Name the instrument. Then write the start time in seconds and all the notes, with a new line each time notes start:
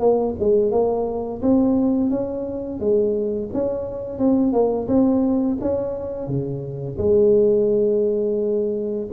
tuba
0.00 A#3
0.40 G#3
0.72 A#3
1.42 C4
2.10 C#4
2.80 G#3
3.54 C#4
4.19 C4
4.53 A#3
4.88 C4
5.61 C#4
6.28 C#3
6.98 G#3